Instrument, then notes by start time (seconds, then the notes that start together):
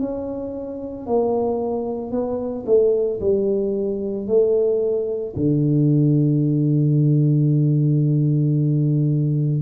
tuba
0.00 C#4
1.07 A#3
2.12 B3
2.66 A3
3.21 G3
4.28 A3
5.36 D3